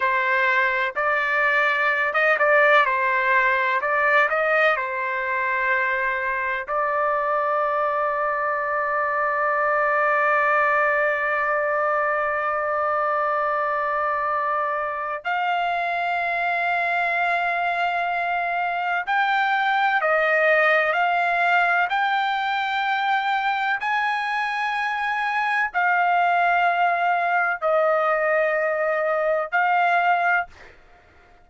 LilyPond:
\new Staff \with { instrumentName = "trumpet" } { \time 4/4 \tempo 4 = 63 c''4 d''4~ d''16 dis''16 d''8 c''4 | d''8 dis''8 c''2 d''4~ | d''1~ | d''1 |
f''1 | g''4 dis''4 f''4 g''4~ | g''4 gis''2 f''4~ | f''4 dis''2 f''4 | }